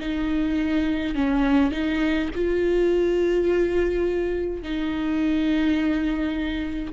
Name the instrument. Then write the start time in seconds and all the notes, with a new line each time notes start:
viola
0.00 D#4
1.15 C#4
1.72 D#4
2.35 F4
4.63 D#4